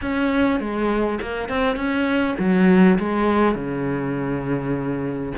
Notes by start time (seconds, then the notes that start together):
0.01 C#4
0.59 G#3
1.21 A#3
1.49 C4
1.76 C#4
2.38 F#3
2.98 G#3
3.54 C#3